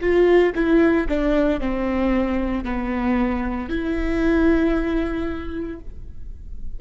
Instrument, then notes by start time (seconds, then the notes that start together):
viola
0.00 F4
0.55 E4
1.08 D4
1.60 C4
2.64 B3
3.69 E4